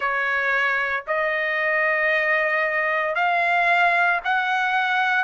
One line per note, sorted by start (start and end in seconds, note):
0.00 1.04 C#5
1.07 3.15 D#5
3.15 4.20 F5
4.24 5.24 F#5